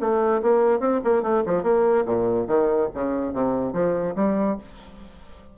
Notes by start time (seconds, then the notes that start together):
0.00 A3
0.42 A#3
0.79 C4
1.04 A#3
1.22 A3
1.46 F3
1.63 A#3
2.05 A#2
2.47 D#3
2.94 C#3
3.33 C3
3.73 F3
4.15 G3